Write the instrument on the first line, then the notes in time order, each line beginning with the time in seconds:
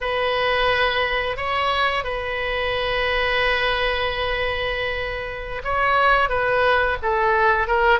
oboe
0.00 B4
1.36 C#5
2.04 B4
5.64 C#5
6.29 B4
7.02 A4
7.67 A#4